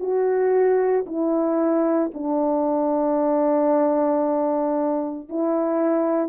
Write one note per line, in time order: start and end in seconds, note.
0.00 1.05 F#4
1.06 2.11 E4
2.14 5.29 D4
5.29 6.29 E4